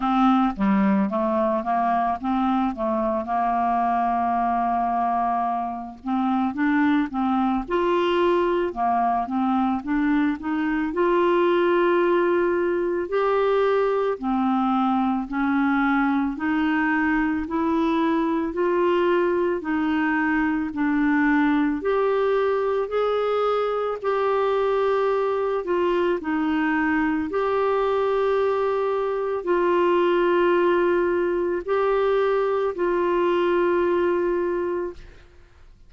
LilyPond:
\new Staff \with { instrumentName = "clarinet" } { \time 4/4 \tempo 4 = 55 c'8 g8 a8 ais8 c'8 a8 ais4~ | ais4. c'8 d'8 c'8 f'4 | ais8 c'8 d'8 dis'8 f'2 | g'4 c'4 cis'4 dis'4 |
e'4 f'4 dis'4 d'4 | g'4 gis'4 g'4. f'8 | dis'4 g'2 f'4~ | f'4 g'4 f'2 | }